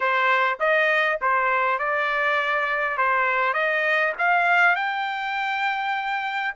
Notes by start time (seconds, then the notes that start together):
0.00 C5
0.59 D#5
1.21 C5
1.78 D5
2.97 C5
3.53 D#5
4.18 F5
4.75 G5